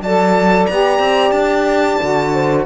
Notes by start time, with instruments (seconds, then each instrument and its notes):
0.00 cello F#3, saxophone A4, horn D5, violin A5
0.66 cello B3, saxophone G4, violin A#5
0.99 cello C4
1.31 cello D4, violin A5
2.00 cello D3, saxophone F#4
2.33 horn C5